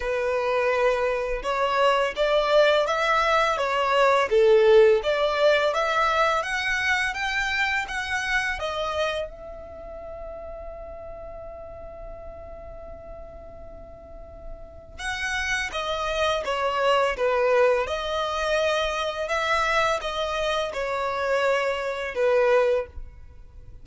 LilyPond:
\new Staff \with { instrumentName = "violin" } { \time 4/4 \tempo 4 = 84 b'2 cis''4 d''4 | e''4 cis''4 a'4 d''4 | e''4 fis''4 g''4 fis''4 | dis''4 e''2.~ |
e''1~ | e''4 fis''4 dis''4 cis''4 | b'4 dis''2 e''4 | dis''4 cis''2 b'4 | }